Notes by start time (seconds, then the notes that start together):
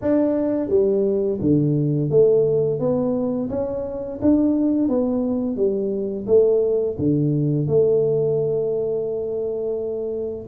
0.01 D4
0.68 G3
1.40 D3
2.10 A3
2.79 B3
3.49 C#4
4.21 D4
4.88 B3
5.56 G3
6.26 A3
6.98 D3
7.67 A3